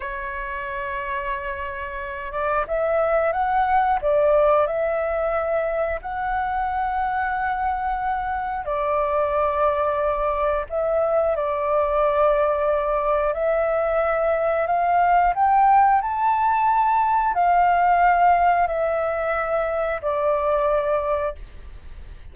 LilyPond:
\new Staff \with { instrumentName = "flute" } { \time 4/4 \tempo 4 = 90 cis''2.~ cis''8 d''8 | e''4 fis''4 d''4 e''4~ | e''4 fis''2.~ | fis''4 d''2. |
e''4 d''2. | e''2 f''4 g''4 | a''2 f''2 | e''2 d''2 | }